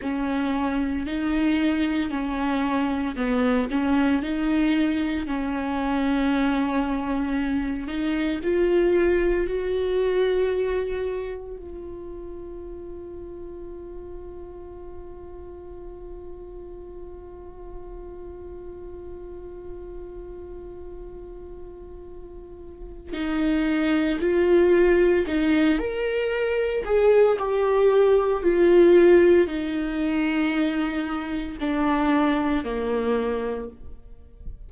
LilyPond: \new Staff \with { instrumentName = "viola" } { \time 4/4 \tempo 4 = 57 cis'4 dis'4 cis'4 b8 cis'8 | dis'4 cis'2~ cis'8 dis'8 | f'4 fis'2 f'4~ | f'1~ |
f'1~ | f'2 dis'4 f'4 | dis'8 ais'4 gis'8 g'4 f'4 | dis'2 d'4 ais4 | }